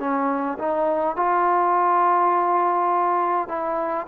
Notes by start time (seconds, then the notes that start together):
0.00 C#4
0.59 D#4
1.17 F4
3.49 E4